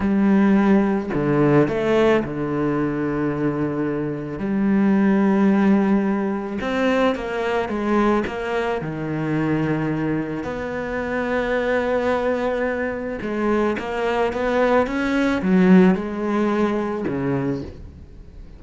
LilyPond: \new Staff \with { instrumentName = "cello" } { \time 4/4 \tempo 4 = 109 g2 d4 a4 | d1 | g1 | c'4 ais4 gis4 ais4 |
dis2. b4~ | b1 | gis4 ais4 b4 cis'4 | fis4 gis2 cis4 | }